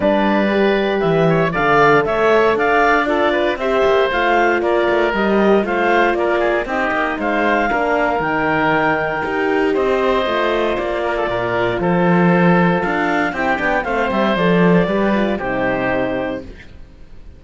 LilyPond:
<<
  \new Staff \with { instrumentName = "clarinet" } { \time 4/4 \tempo 4 = 117 d''2 e''4 f''4 | e''4 f''4 d''4 e''4 | f''4 d''4 dis''4 f''4 | d''4 dis''4 f''2 |
g''2. dis''4~ | dis''4 d''2 c''4~ | c''4 f''4 g''4 f''8 e''8 | d''2 c''2 | }
  \new Staff \with { instrumentName = "oboe" } { \time 4/4 b'2~ b'8 cis''8 d''4 | cis''4 d''4 a'8 b'8 c''4~ | c''4 ais'2 c''4 | ais'8 gis'8 g'4 c''4 ais'4~ |
ais'2. c''4~ | c''4. ais'16 a'16 ais'4 a'4~ | a'2 g'4 c''4~ | c''4 b'4 g'2 | }
  \new Staff \with { instrumentName = "horn" } { \time 4/4 d'4 g'2 a'4~ | a'2 f'4 g'4 | f'2 g'4 f'4~ | f'4 dis'2 d'4 |
dis'2 g'2 | f'1~ | f'2 e'8 d'8 c'4 | a'4 g'8 f'8 dis'2 | }
  \new Staff \with { instrumentName = "cello" } { \time 4/4 g2 e4 d4 | a4 d'2 c'8 ais8 | a4 ais8 a8 g4 a4 | ais4 c'8 ais8 gis4 ais4 |
dis2 dis'4 c'4 | a4 ais4 ais,4 f4~ | f4 d'4 c'8 b8 a8 g8 | f4 g4 c2 | }
>>